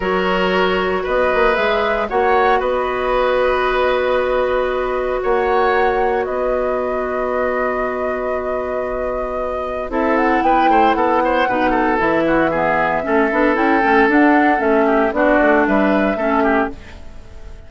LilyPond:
<<
  \new Staff \with { instrumentName = "flute" } { \time 4/4 \tempo 4 = 115 cis''2 dis''4 e''4 | fis''4 dis''2.~ | dis''2 fis''2 | dis''1~ |
dis''2. e''8 fis''8 | g''4 fis''2 e''4~ | e''2 g''4 fis''4 | e''4 d''4 e''2 | }
  \new Staff \with { instrumentName = "oboe" } { \time 4/4 ais'2 b'2 | cis''4 b'2.~ | b'2 cis''2 | b'1~ |
b'2. a'4 | b'8 c''8 a'8 c''8 b'8 a'4 fis'8 | gis'4 a'2.~ | a'8 g'8 fis'4 b'4 a'8 g'8 | }
  \new Staff \with { instrumentName = "clarinet" } { \time 4/4 fis'2. gis'4 | fis'1~ | fis'1~ | fis'1~ |
fis'2. e'4~ | e'2 dis'4 e'4 | b4 cis'8 d'8 e'8 cis'8 d'4 | cis'4 d'2 cis'4 | }
  \new Staff \with { instrumentName = "bassoon" } { \time 4/4 fis2 b8 ais8 gis4 | ais4 b2.~ | b2 ais2 | b1~ |
b2. c'4 | b8 a8 b4 b,4 e4~ | e4 a8 b8 cis'8 a8 d'4 | a4 b8 a8 g4 a4 | }
>>